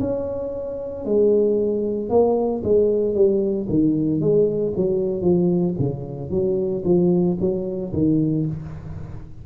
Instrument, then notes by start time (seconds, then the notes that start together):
tuba
0.00 C#4
1.05 G#3
2.10 A#3
2.64 G#3
3.15 G3
3.69 D#3
4.21 G#3
4.76 F#3
5.22 F3
5.79 C#3
6.31 F#3
6.85 F3
7.40 F#3
7.93 D#3